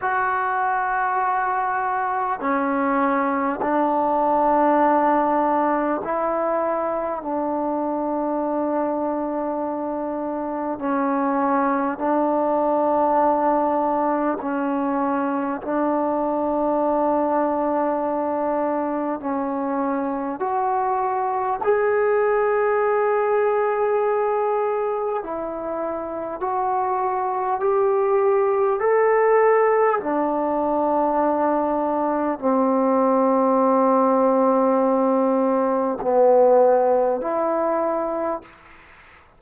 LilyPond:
\new Staff \with { instrumentName = "trombone" } { \time 4/4 \tempo 4 = 50 fis'2 cis'4 d'4~ | d'4 e'4 d'2~ | d'4 cis'4 d'2 | cis'4 d'2. |
cis'4 fis'4 gis'2~ | gis'4 e'4 fis'4 g'4 | a'4 d'2 c'4~ | c'2 b4 e'4 | }